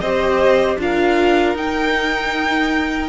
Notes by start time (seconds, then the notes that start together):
0.00 C4 G4 C5 D#5
0.78 D4 F4 A#4 F5
1.55 D#4 G5